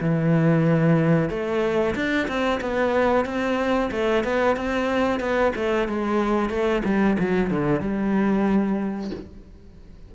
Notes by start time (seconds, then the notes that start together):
0.00 E3
1.29 A3
1.95 D4
2.28 C4
2.60 B3
3.25 C4
3.91 A3
4.24 B3
4.56 C4
5.20 B3
5.55 A3
5.88 G#3
6.49 A3
6.84 G3
7.19 F#3
7.50 D3
7.80 G3